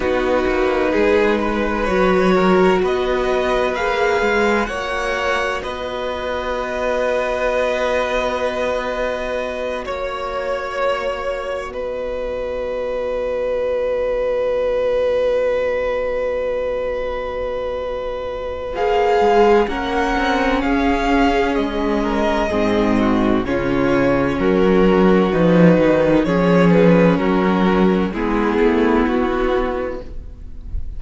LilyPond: <<
  \new Staff \with { instrumentName = "violin" } { \time 4/4 \tempo 4 = 64 b'2 cis''4 dis''4 | f''4 fis''4 dis''2~ | dis''2~ dis''8 cis''4.~ | cis''8 dis''2.~ dis''8~ |
dis''1 | f''4 fis''4 f''4 dis''4~ | dis''4 cis''4 ais'4 b'4 | cis''8 b'8 ais'4 gis'4 fis'4 | }
  \new Staff \with { instrumentName = "violin" } { \time 4/4 fis'4 gis'8 b'4 ais'8 b'4~ | b'4 cis''4 b'2~ | b'2~ b'8 cis''4.~ | cis''8 b'2.~ b'8~ |
b'1~ | b'4 ais'4 gis'4. ais'8 | gis'8 fis'8 f'4 fis'2 | gis'4 fis'4 e'2 | }
  \new Staff \with { instrumentName = "viola" } { \time 4/4 dis'2 fis'2 | gis'4 fis'2.~ | fis'1~ | fis'1~ |
fis'1 | gis'4 cis'2. | c'4 cis'2 dis'4 | cis'2 b2 | }
  \new Staff \with { instrumentName = "cello" } { \time 4/4 b8 ais8 gis4 fis4 b4 | ais8 gis8 ais4 b2~ | b2~ b8 ais4.~ | ais8 b2.~ b8~ |
b1 | ais8 gis8 ais8 c'8 cis'4 gis4 | gis,4 cis4 fis4 f8 dis8 | f4 fis4 gis8 a8 b4 | }
>>